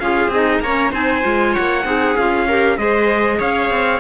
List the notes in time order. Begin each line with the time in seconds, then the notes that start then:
0.00 C#4 F4 G#4 F5
0.29 C4 D#4 D#5
0.60 A#3 C#5 A#5
0.66 C#4
0.92 C4 D#4 C5 G#5
1.23 G#3 F4
1.53 C#5 F#5
1.59 A#3
1.84 C4 D#4 G#4
2.17 C#4 F4 F5
2.48 G4 A#4
2.78 G#3 G#4 C5 D#5
3.39 C#4 C#5 F5
3.71 C4